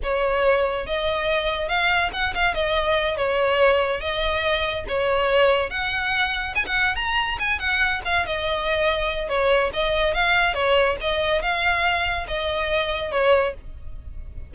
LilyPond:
\new Staff \with { instrumentName = "violin" } { \time 4/4 \tempo 4 = 142 cis''2 dis''2 | f''4 fis''8 f''8 dis''4. cis''8~ | cis''4. dis''2 cis''8~ | cis''4. fis''2 gis''16 fis''16~ |
fis''8 ais''4 gis''8 fis''4 f''8 dis''8~ | dis''2 cis''4 dis''4 | f''4 cis''4 dis''4 f''4~ | f''4 dis''2 cis''4 | }